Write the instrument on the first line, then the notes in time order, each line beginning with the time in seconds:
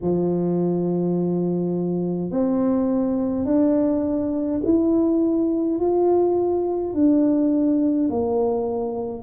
tuba
0.01 F3
2.30 C4
3.45 D4
4.64 E4
5.79 F4
6.93 D4
8.09 A#3